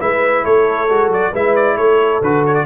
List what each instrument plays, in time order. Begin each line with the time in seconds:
0.00 tuba G#3, trombone E4, horn B4, trumpet E5
0.44 tuba A3, horn A4, trumpet C#5
0.89 tuba G#3, trombone F#4
1.08 tuba F#3, trumpet D5
1.32 tuba G#3, trombone E4, horn B4, trumpet E5
1.56 trumpet D5
1.77 tuba A3, horn A4, trumpet C#5
2.22 tuba D3, trombone F#4, trumpet B4
2.46 trumpet C#5
2.55 trumpet D5